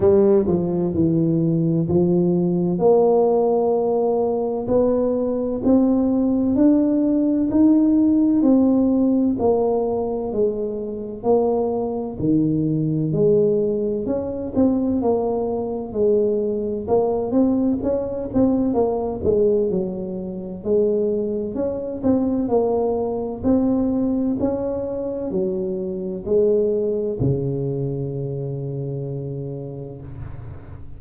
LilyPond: \new Staff \with { instrumentName = "tuba" } { \time 4/4 \tempo 4 = 64 g8 f8 e4 f4 ais4~ | ais4 b4 c'4 d'4 | dis'4 c'4 ais4 gis4 | ais4 dis4 gis4 cis'8 c'8 |
ais4 gis4 ais8 c'8 cis'8 c'8 | ais8 gis8 fis4 gis4 cis'8 c'8 | ais4 c'4 cis'4 fis4 | gis4 cis2. | }